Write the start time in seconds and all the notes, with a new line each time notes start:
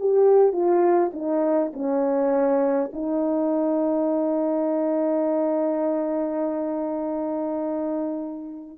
0.00 G4
0.53 F4
1.13 D#4
1.74 C#4
2.94 D#4